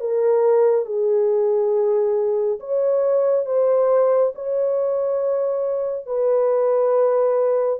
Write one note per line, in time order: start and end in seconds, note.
0.00 0.85 A#4
0.85 2.59 G#4
2.60 3.46 C#5
3.46 4.33 C5
4.35 6.06 C#5
6.06 7.79 B4